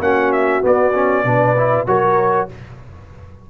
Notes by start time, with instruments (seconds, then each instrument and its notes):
0.00 tuba A#3, trombone C#4, horn F#4, trumpet F#5
0.32 trumpet E5
0.62 trombone B3, tuba B3, trumpet D5
0.95 trombone C#4
1.24 tuba B2, trombone D4, horn B4
1.57 trombone E4
1.87 tuba F#3, trombone F#4, horn A#4, trumpet C#5